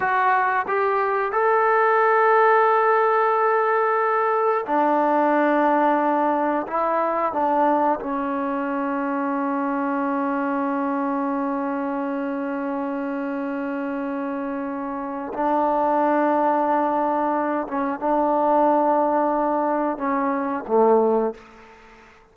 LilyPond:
\new Staff \with { instrumentName = "trombone" } { \time 4/4 \tempo 4 = 90 fis'4 g'4 a'2~ | a'2. d'4~ | d'2 e'4 d'4 | cis'1~ |
cis'1~ | cis'2. d'4~ | d'2~ d'8 cis'8 d'4~ | d'2 cis'4 a4 | }